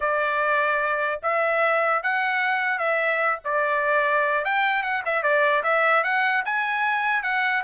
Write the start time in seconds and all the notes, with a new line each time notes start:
0.00 D5
1.22 E5
2.02 F#5
2.78 E5
3.44 D5
4.44 G5
4.82 F#5
5.05 E5
5.22 D5
5.63 E5
6.03 F#5
6.45 G#5
7.22 F#5